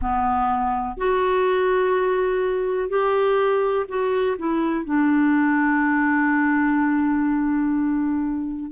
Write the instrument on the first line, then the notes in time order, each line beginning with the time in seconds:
clarinet
0.01 B3
0.97 F#4
2.89 G4
3.88 F#4
4.38 E4
4.84 D4